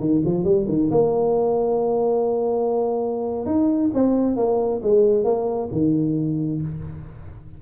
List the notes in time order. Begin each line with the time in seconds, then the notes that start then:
0.00 D#3
0.26 F3
0.45 G3
0.69 D#3
0.91 A#3
3.46 D#4
3.94 C4
4.37 A#3
4.83 G#3
5.24 A#3
5.72 D#3